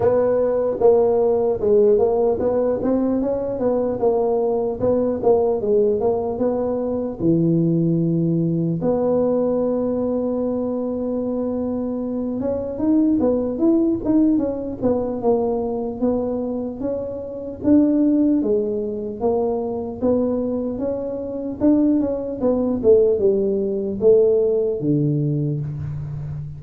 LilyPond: \new Staff \with { instrumentName = "tuba" } { \time 4/4 \tempo 4 = 75 b4 ais4 gis8 ais8 b8 c'8 | cis'8 b8 ais4 b8 ais8 gis8 ais8 | b4 e2 b4~ | b2.~ b8 cis'8 |
dis'8 b8 e'8 dis'8 cis'8 b8 ais4 | b4 cis'4 d'4 gis4 | ais4 b4 cis'4 d'8 cis'8 | b8 a8 g4 a4 d4 | }